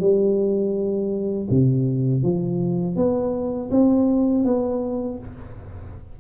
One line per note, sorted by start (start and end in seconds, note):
0.00 1.48 G3
1.50 2.23 C3
2.23 2.96 F3
2.96 3.70 B3
3.71 4.44 C4
4.44 5.19 B3